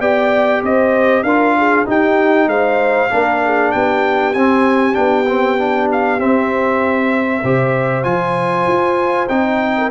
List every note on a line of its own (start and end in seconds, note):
0.00 0.62 B3
0.00 1.24 G4
0.00 0.62 D5
0.00 0.62 G5
0.63 1.23 C4
0.63 1.24 C5
0.63 1.23 D#5
1.23 1.85 D4
1.23 1.85 F4
1.23 1.55 A#4
1.23 1.85 F5
1.58 1.86 G#4
1.85 3.09 D#4
1.85 2.46 D#4
1.85 2.48 G4
1.85 2.49 G5
2.46 3.08 G#3
2.46 3.11 C5
2.46 3.71 F5
3.10 3.74 A#3
3.10 4.34 D4
3.10 3.42 A#4
3.45 3.73 G#4
3.71 4.34 B3
3.71 7.42 G4
3.71 4.33 G5
4.33 4.96 C4
4.33 4.93 C4
4.33 4.94 G#5
4.93 6.19 B3
4.93 5.24 D4
4.93 5.87 G5
5.28 5.58 C4
5.58 6.19 D4
5.92 6.20 F5
6.19 7.43 C4
6.19 8.03 E5
7.42 8.05 C3
7.42 8.03 G4
7.42 9.74 C5
8.03 8.66 F3
8.03 9.27 F4
8.03 9.27 G#5
8.67 9.29 F4
9.28 9.91 C4
9.28 9.91 D#4
9.28 9.90 G5
9.77 9.91 A#4